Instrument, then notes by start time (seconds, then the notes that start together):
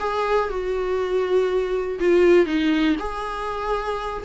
viola
0.00 G#4
0.50 F#4
2.00 F4
2.46 D#4
3.00 G#4